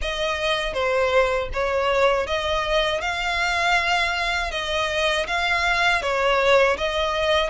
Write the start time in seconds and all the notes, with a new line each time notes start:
0.01 D#5
0.73 C5
1.53 C#5
2.26 D#5
3.01 F5
4.51 D#5
5.26 F5
6.02 C#5
6.77 D#5